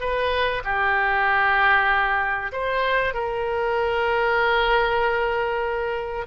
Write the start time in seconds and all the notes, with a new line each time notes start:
0.00 B4
0.64 G4
2.52 C5
3.13 A#4